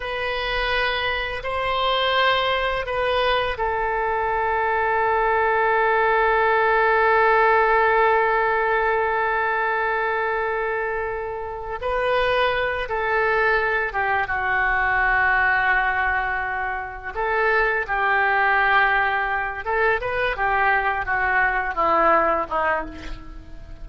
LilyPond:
\new Staff \with { instrumentName = "oboe" } { \time 4/4 \tempo 4 = 84 b'2 c''2 | b'4 a'2.~ | a'1~ | a'1~ |
a'8 b'4. a'4. g'8 | fis'1 | a'4 g'2~ g'8 a'8 | b'8 g'4 fis'4 e'4 dis'8 | }